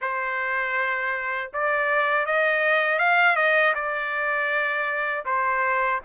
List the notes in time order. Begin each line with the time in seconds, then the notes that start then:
0.01 C5
1.53 D5
2.26 D#5
2.98 F5
3.36 D#5
3.74 D5
5.25 C5